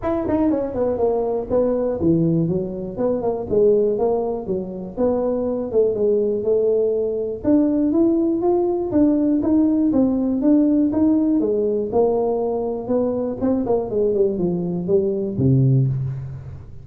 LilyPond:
\new Staff \with { instrumentName = "tuba" } { \time 4/4 \tempo 4 = 121 e'8 dis'8 cis'8 b8 ais4 b4 | e4 fis4 b8 ais8 gis4 | ais4 fis4 b4. a8 | gis4 a2 d'4 |
e'4 f'4 d'4 dis'4 | c'4 d'4 dis'4 gis4 | ais2 b4 c'8 ais8 | gis8 g8 f4 g4 c4 | }